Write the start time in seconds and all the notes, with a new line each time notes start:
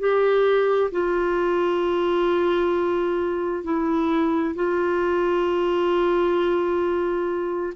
0.00 G4
0.92 F4
3.64 E4
4.55 F4